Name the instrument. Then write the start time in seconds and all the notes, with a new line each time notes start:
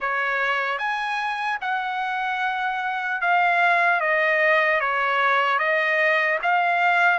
trumpet
0.00 C#5
0.78 G#5
1.61 F#5
3.21 F5
4.00 D#5
4.80 C#5
5.59 D#5
6.42 F5